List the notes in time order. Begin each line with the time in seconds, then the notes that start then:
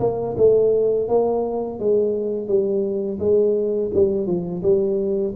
0.00 A#3
0.37 A3
1.08 A#3
1.80 G#3
2.48 G3
3.19 G#3
3.94 G3
4.26 F3
4.62 G3